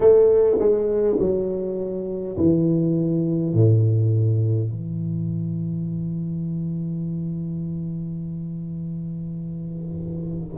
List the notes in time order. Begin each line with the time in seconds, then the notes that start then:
0.00 A3
0.58 G#3
1.19 F#3
2.37 E3
3.53 A2
4.70 E3